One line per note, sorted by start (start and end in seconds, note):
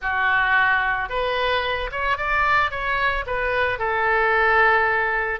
0.01 1.09 F#4
1.09 1.90 B4
1.91 2.17 C#5
2.17 2.70 D5
2.70 3.24 C#5
3.26 3.78 B4
3.78 5.39 A4